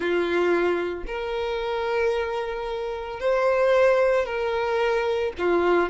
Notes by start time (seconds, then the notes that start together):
0.00 F4
1.07 A#4
3.19 C5
4.25 A#4
5.38 F4